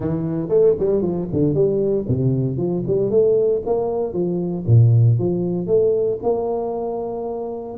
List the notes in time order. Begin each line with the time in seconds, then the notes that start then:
0.00 E3
0.49 A3
0.79 G3
1.01 F3
1.32 D3
1.54 G3
2.07 C3
2.57 F3
2.87 G3
3.10 A3
3.66 A#3
4.13 F3
4.67 A#2
5.19 F3
5.67 A3
6.22 A#3